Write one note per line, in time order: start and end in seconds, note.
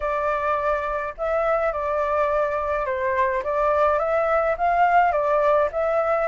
0.00 1.14 D5
1.17 1.72 E5
1.72 2.85 D5
2.85 3.42 C5
3.43 3.98 D5
3.98 4.56 E5
4.57 5.12 F5
5.12 5.69 D5
5.72 6.28 E5